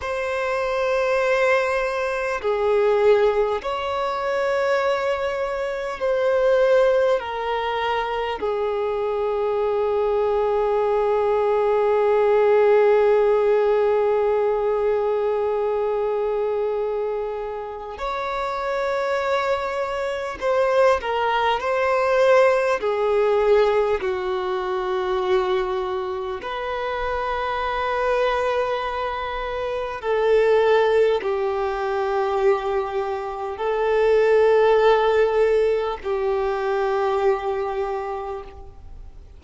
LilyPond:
\new Staff \with { instrumentName = "violin" } { \time 4/4 \tempo 4 = 50 c''2 gis'4 cis''4~ | cis''4 c''4 ais'4 gis'4~ | gis'1~ | gis'2. cis''4~ |
cis''4 c''8 ais'8 c''4 gis'4 | fis'2 b'2~ | b'4 a'4 g'2 | a'2 g'2 | }